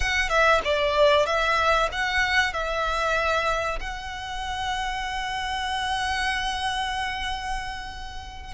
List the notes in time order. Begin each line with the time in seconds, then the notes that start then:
0.00 F#5
0.29 E5
0.64 D5
1.25 E5
1.91 F#5
2.53 E5
3.80 F#5